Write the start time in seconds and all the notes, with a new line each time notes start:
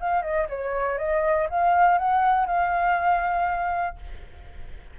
0.00 F5
0.22 D#5
0.49 C#5
0.98 D#5
1.50 F5
1.98 F#5
2.46 F5